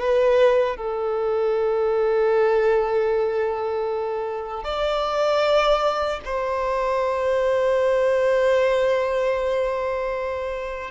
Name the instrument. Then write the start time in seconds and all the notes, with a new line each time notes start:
violin
0.00 B4
0.77 A4
4.65 D5
6.25 C5